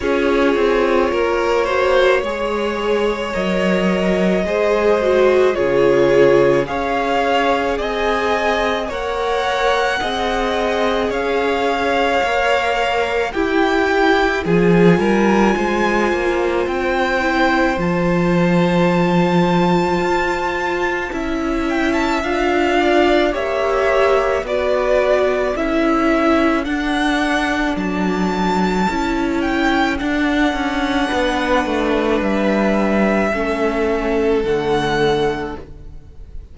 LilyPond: <<
  \new Staff \with { instrumentName = "violin" } { \time 4/4 \tempo 4 = 54 cis''2. dis''4~ | dis''4 cis''4 f''4 gis''4 | fis''2 f''2 | g''4 gis''2 g''4 |
a''2.~ a''8 g''16 a''16 | f''4 e''4 d''4 e''4 | fis''4 a''4. g''8 fis''4~ | fis''4 e''2 fis''4 | }
  \new Staff \with { instrumentName = "violin" } { \time 4/4 gis'4 ais'8 c''8 cis''2 | c''4 gis'4 cis''4 dis''4 | cis''4 dis''4 cis''2 | g'4 gis'8 ais'8 c''2~ |
c''2. e''4~ | e''8 d''8 cis''4 b'4 a'4~ | a'1 | b'2 a'2 | }
  \new Staff \with { instrumentName = "viola" } { \time 4/4 f'4. fis'8 gis'4 ais'4 | gis'8 fis'8 f'4 gis'2 | ais'4 gis'2 ais'4 | e'4 f'2~ f'8 e'8 |
f'2. e'4 | f'4 g'4 fis'4 e'4 | d'2 e'4 d'4~ | d'2 cis'4 a4 | }
  \new Staff \with { instrumentName = "cello" } { \time 4/4 cis'8 c'8 ais4 gis4 fis4 | gis4 cis4 cis'4 c'4 | ais4 c'4 cis'4 ais4 | e'4 f8 g8 gis8 ais8 c'4 |
f2 f'4 cis'4 | d'4 ais4 b4 cis'4 | d'4 fis4 cis'4 d'8 cis'8 | b8 a8 g4 a4 d4 | }
>>